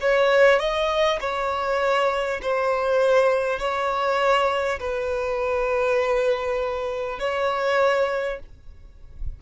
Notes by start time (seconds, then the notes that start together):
0.00 C#5
0.59 D#5
1.20 C#5
2.42 C5
3.59 C#5
4.79 B4
7.19 C#5